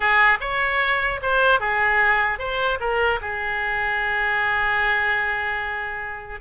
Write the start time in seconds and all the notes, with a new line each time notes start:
0.00 G#4
0.40 C#5
1.21 C5
1.60 G#4
2.39 C5
2.80 A#4
3.21 G#4